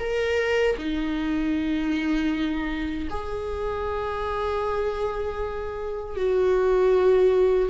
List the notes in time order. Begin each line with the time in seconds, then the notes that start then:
0.00 A#4
0.78 D#4
3.10 G#4
6.17 F#4